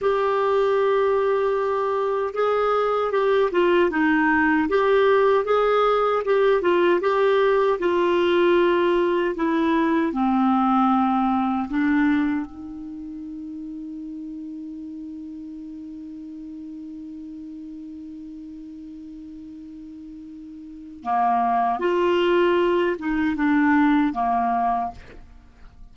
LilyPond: \new Staff \with { instrumentName = "clarinet" } { \time 4/4 \tempo 4 = 77 g'2. gis'4 | g'8 f'8 dis'4 g'4 gis'4 | g'8 f'8 g'4 f'2 | e'4 c'2 d'4 |
dis'1~ | dis'1~ | dis'2. ais4 | f'4. dis'8 d'4 ais4 | }